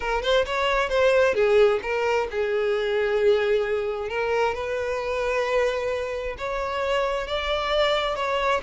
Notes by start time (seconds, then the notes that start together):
0.00 A#4
0.22 C5
0.45 C#5
0.89 C5
1.34 G#4
1.82 A#4
2.31 G#4
4.09 A#4
4.54 B4
6.37 C#5
7.27 D5
8.15 C#5